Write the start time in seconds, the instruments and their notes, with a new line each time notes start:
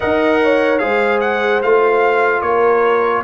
0.00 tuba D#4, trombone A#4, horn D#5, trumpet F#5
0.43 horn C#5
0.78 tuba G#3, trombone G#4, horn C5, trumpet F5
1.20 trumpet F#5
1.62 tuba A3, trombone F4, trumpet F5
2.41 tuba A#3, horn A#4, trumpet C#5